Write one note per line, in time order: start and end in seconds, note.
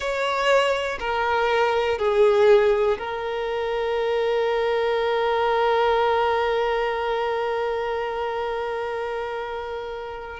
0.00 0.98 C#5
0.99 1.98 A#4
1.98 2.97 G#4
2.98 10.39 A#4